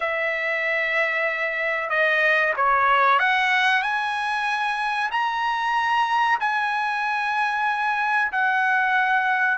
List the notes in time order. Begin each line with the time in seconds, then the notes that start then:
0.00 E5
1.89 D#5
2.56 C#5
3.19 F#5
3.82 G#5
5.11 A#5
6.40 G#5
8.32 F#5